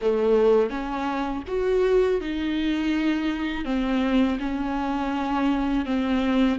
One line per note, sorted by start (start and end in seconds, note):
0.01 0.70 A3
0.70 1.43 C#4
1.47 2.20 F#4
2.20 3.65 D#4
3.65 4.38 C4
4.39 5.85 C#4
5.85 6.59 C4